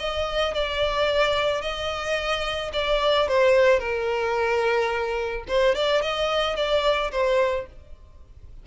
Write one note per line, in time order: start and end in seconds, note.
0.00 0.55 D#5
0.55 1.62 D5
1.62 2.72 D#5
2.74 3.29 D5
3.29 3.80 C5
3.80 5.45 A#4
5.48 5.75 C5
5.75 6.03 D5
6.03 6.57 D#5
6.57 7.12 D5
7.12 7.67 C5